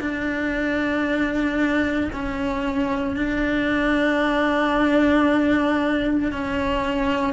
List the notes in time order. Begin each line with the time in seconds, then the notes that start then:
0.00 D4
2.13 C#4
3.16 D4
6.32 C#4